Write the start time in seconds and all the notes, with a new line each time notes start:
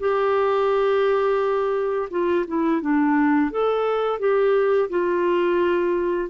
0.00 G4
2.11 F4
2.48 E4
2.82 D4
3.51 A4
4.20 G4
4.90 F4